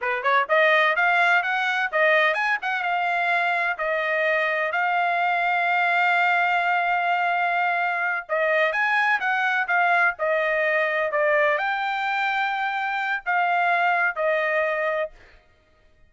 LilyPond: \new Staff \with { instrumentName = "trumpet" } { \time 4/4 \tempo 4 = 127 b'8 cis''8 dis''4 f''4 fis''4 | dis''4 gis''8 fis''8 f''2 | dis''2 f''2~ | f''1~ |
f''4. dis''4 gis''4 fis''8~ | fis''8 f''4 dis''2 d''8~ | d''8 g''2.~ g''8 | f''2 dis''2 | }